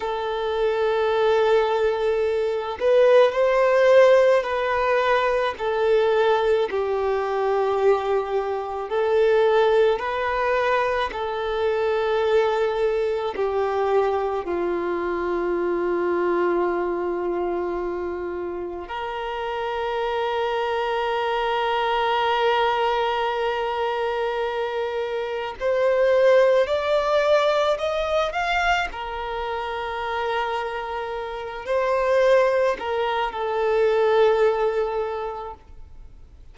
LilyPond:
\new Staff \with { instrumentName = "violin" } { \time 4/4 \tempo 4 = 54 a'2~ a'8 b'8 c''4 | b'4 a'4 g'2 | a'4 b'4 a'2 | g'4 f'2.~ |
f'4 ais'2.~ | ais'2. c''4 | d''4 dis''8 f''8 ais'2~ | ais'8 c''4 ais'8 a'2 | }